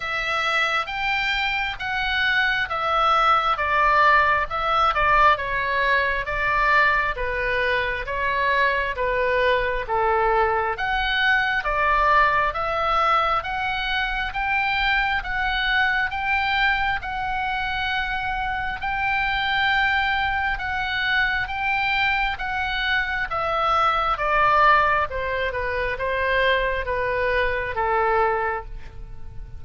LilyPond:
\new Staff \with { instrumentName = "oboe" } { \time 4/4 \tempo 4 = 67 e''4 g''4 fis''4 e''4 | d''4 e''8 d''8 cis''4 d''4 | b'4 cis''4 b'4 a'4 | fis''4 d''4 e''4 fis''4 |
g''4 fis''4 g''4 fis''4~ | fis''4 g''2 fis''4 | g''4 fis''4 e''4 d''4 | c''8 b'8 c''4 b'4 a'4 | }